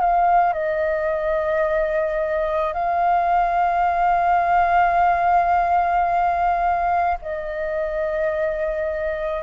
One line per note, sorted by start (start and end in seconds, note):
0.00 0.53 F5
0.53 2.73 D#5
2.73 7.18 F5
7.22 9.42 D#5